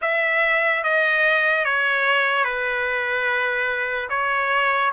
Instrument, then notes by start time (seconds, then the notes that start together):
trumpet
0.01 E5
0.83 D#5
1.64 C#5
2.44 B4
4.09 C#5